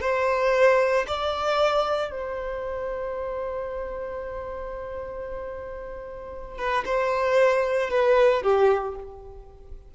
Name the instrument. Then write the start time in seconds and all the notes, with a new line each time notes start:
violin
0.00 C5
1.07 D5
2.10 C5
6.57 B4
6.85 C5
7.90 B4
8.42 G4